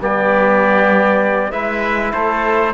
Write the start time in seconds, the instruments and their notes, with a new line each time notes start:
0.00 cello G3, trombone B3, oboe G4, trumpet D5
1.51 cello G#3, trombone E4, oboe B4, trumpet E5
2.13 cello A3, oboe A4, trumpet C5